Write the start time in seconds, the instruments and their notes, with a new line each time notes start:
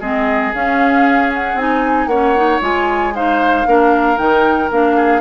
0.00 bassoon G#3, clarinet C4, oboe G#4, flute D#5
0.54 bassoon C#4, clarinet C#4, flute F5
1.34 flute F#5
1.55 bassoon C4, clarinet D#4, flute G#5
2.07 bassoon A#3, clarinet C#4, oboe C#5, flute F#5
2.37 clarinet D#4
2.61 bassoon G#3, clarinet F4, flute G#5
3.15 clarinet D#4, oboe C5, flute F5
3.67 bassoon A#3, clarinet D4, oboe A#4
4.17 bassoon D#3, clarinet D#4, flute G5
4.71 bassoon A#3, clarinet D4, flute F5
4.97 oboe G#4